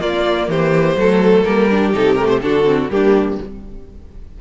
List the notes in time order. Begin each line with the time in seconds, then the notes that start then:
0.00 A#3 F4 D5
0.48 E3 G4 C5
0.96 F#3 A3 A4
1.43 G3 A#3 A#4
1.71 D4 G4
1.93 C3 D#4 A4
2.15 A3 A#4
2.28 C5
2.42 D3 D4 F#4 A4
2.65 C4
2.90 G3 A#3 D4 G4